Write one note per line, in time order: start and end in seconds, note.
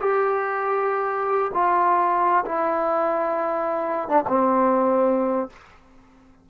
0.00 1.52 G4
1.54 2.45 F4
2.45 4.09 E4
4.09 4.24 D4
4.28 5.50 C4